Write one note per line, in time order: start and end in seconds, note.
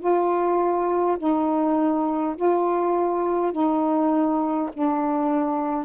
0.00 1.18 F4
1.19 2.36 D#4
2.36 3.52 F4
3.52 4.70 D#4
4.74 5.86 D4